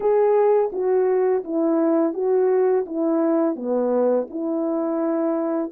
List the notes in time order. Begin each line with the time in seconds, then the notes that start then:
0.00 G#4
0.72 F#4
1.44 E4
2.13 F#4
2.86 E4
3.55 B3
4.30 E4